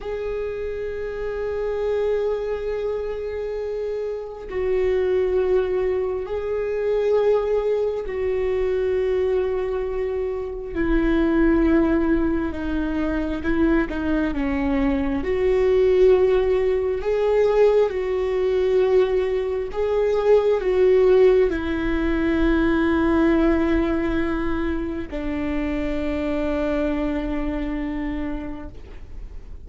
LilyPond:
\new Staff \with { instrumentName = "viola" } { \time 4/4 \tempo 4 = 67 gis'1~ | gis'4 fis'2 gis'4~ | gis'4 fis'2. | e'2 dis'4 e'8 dis'8 |
cis'4 fis'2 gis'4 | fis'2 gis'4 fis'4 | e'1 | d'1 | }